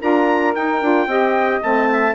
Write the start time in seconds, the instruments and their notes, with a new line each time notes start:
0.00 bassoon D4, saxophone F4 A#4, trumpet A#5
0.55 bassoon D#4, saxophone D#4, trumpet G5
0.82 bassoon D4, saxophone F4
1.07 bassoon C4, saxophone G4 D#5
1.62 bassoon A3, saxophone C4, trumpet A5
1.91 saxophone E5